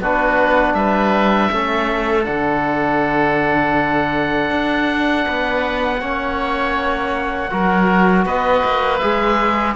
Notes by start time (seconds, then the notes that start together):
0.00 B3 D4 F#4 B4
0.74 G3 B4 E5
1.51 A3 C#4 A4
2.24 D3 D4 F#5
4.50 D4
5.26 B3 B4
6.00 A#3 C#4 C#5
7.50 F#3 F#4 A#4
8.25 B3 B4 D#5
8.64 A#3
8.98 G#3 G#4 E5